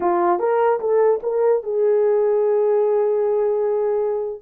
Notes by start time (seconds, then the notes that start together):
0.00 F4
0.39 A#4
0.79 A4
1.22 A#4
1.63 G#4